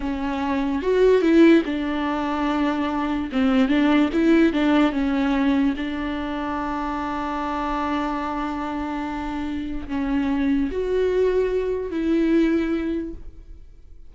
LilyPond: \new Staff \with { instrumentName = "viola" } { \time 4/4 \tempo 4 = 146 cis'2 fis'4 e'4 | d'1 | c'4 d'4 e'4 d'4 | cis'2 d'2~ |
d'1~ | d'1 | cis'2 fis'2~ | fis'4 e'2. | }